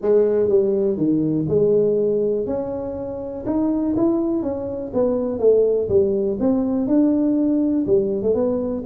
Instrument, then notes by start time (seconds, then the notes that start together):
tuba
0.01 G#3
0.49 G3
0.97 D#3
1.48 G#3
2.46 C#4
3.46 D#4
3.96 E4
4.42 C#4
4.93 B3
5.39 A3
5.88 G3
6.39 C4
6.87 D4
7.86 G3
8.22 A3
8.34 B3